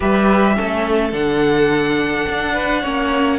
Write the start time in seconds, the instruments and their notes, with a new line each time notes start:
0.00 cello G3, viola G4, violin B4 E5
0.54 cello A3, viola C#4, violin A4
1.12 cello D3, viola D4, violin F#5
2.28 cello D4
2.53 violin B4
2.81 cello A#3, viola C#4, violin C#5